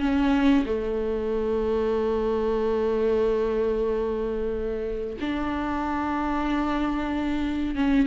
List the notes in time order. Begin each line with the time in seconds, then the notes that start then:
0.00 C#4
0.65 A3
5.21 D4
7.75 C#4